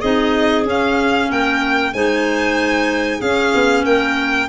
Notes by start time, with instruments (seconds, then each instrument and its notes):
0.00 tuba C4, clarinet D#4 G#4, violin D#5
0.65 clarinet C#4, tuba C#4, violin F5
1.29 tuba A#3, clarinet A#4, violin G5
1.93 tuba G#3, clarinet D#4 C5, violin G#5
3.19 tuba C#4, clarinet C#4 G#4, violin F5
3.55 tuba B3
3.85 tuba A#3, clarinet A#4, violin G5